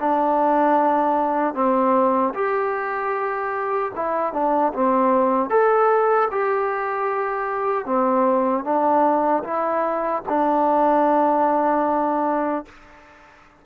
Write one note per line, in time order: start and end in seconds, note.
0.00 1.55 D4
1.55 2.34 C4
2.34 3.92 G4
3.96 4.33 E4
4.33 4.73 D4
4.74 5.50 C4
5.50 6.29 A4
6.31 7.86 G4
7.86 8.64 C4
8.64 9.43 D4
9.44 10.23 E4
10.29 12.66 D4